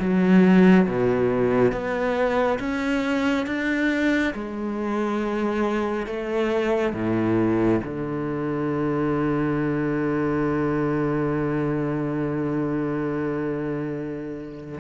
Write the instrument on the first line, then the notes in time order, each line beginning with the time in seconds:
cello
0.00 F#3
0.87 B2
1.72 B3
2.60 C#4
3.47 D4
4.34 G#3
6.07 A3
6.94 A2
7.85 D3